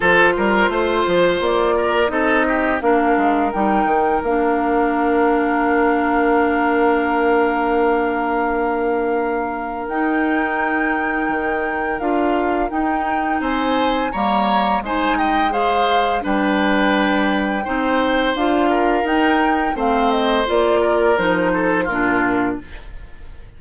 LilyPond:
<<
  \new Staff \with { instrumentName = "flute" } { \time 4/4 \tempo 4 = 85 c''2 d''4 dis''4 | f''4 g''4 f''2~ | f''1~ | f''2 g''2~ |
g''4 f''4 g''4 gis''4 | ais''4 gis''8 g''8 f''4 g''4~ | g''2 f''4 g''4 | f''8 dis''8 d''4 c''4 ais'4 | }
  \new Staff \with { instrumentName = "oboe" } { \time 4/4 a'8 ais'8 c''4. ais'8 a'8 g'8 | ais'1~ | ais'1~ | ais'1~ |
ais'2. c''4 | cis''4 c''8 dis''8 c''4 b'4~ | b'4 c''4. ais'4. | c''4. ais'4 a'8 f'4 | }
  \new Staff \with { instrumentName = "clarinet" } { \time 4/4 f'2. dis'4 | d'4 dis'4 d'2~ | d'1~ | d'2 dis'2~ |
dis'4 f'4 dis'2 | ais4 dis'4 gis'4 d'4~ | d'4 dis'4 f'4 dis'4 | c'4 f'4 dis'4 d'4 | }
  \new Staff \with { instrumentName = "bassoon" } { \time 4/4 f8 g8 a8 f8 ais4 c'4 | ais8 gis8 g8 dis8 ais2~ | ais1~ | ais2 dis'2 |
dis4 d'4 dis'4 c'4 | g4 gis2 g4~ | g4 c'4 d'4 dis'4 | a4 ais4 f4 ais,4 | }
>>